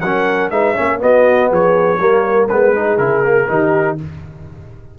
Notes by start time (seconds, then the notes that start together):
0.00 F#3 C#4 A#4 F#5
0.50 G#3 D#4 B4 E5
0.73 C#4 C#5
0.79 A#3
0.99 B3 F#4 D#5
1.50 F3 G#4 C#5
1.99 G3 A#3 A#4
2.48 G#3 B3 B4
2.75 D#4 G#4
2.98 C#3 E4 A#4
3.23 A#3
3.48 D#3 D#4 G4